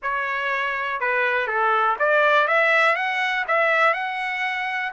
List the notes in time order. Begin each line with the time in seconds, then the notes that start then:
0.02 C#5
1.00 B4
1.47 A4
1.99 D5
2.47 E5
2.95 F#5
3.47 E5
3.93 F#5